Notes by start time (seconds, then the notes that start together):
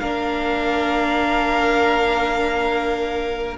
0.00 A#3 D4 A#4 F5